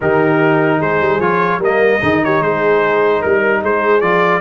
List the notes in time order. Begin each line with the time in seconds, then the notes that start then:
0.01 D#3 D#4 G4 A#4
0.79 G#3 G#4 C5
1.00 G3
1.19 F3 F4 C#5
1.58 G3 A#3 A#4 D#5
2.00 D#3 D#4 G#4
2.24 G4 C#5
2.41 G#3 G#4 C5
3.20 G3 A#4
3.61 G#3 G#4 C5
4.00 F3 F4 D5